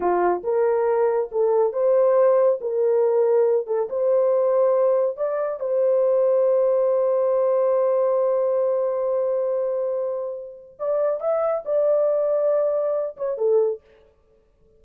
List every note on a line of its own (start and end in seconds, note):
0.00 0.42 F4
0.43 1.30 A#4
1.31 1.72 A4
1.72 2.59 C5
2.60 3.66 A#4
3.66 3.88 A4
3.89 5.16 C5
5.16 5.59 D5
5.59 10.77 C5
10.79 11.20 D5
11.20 11.63 E5
11.65 13.16 D5
13.16 13.37 C#5
13.37 13.80 A4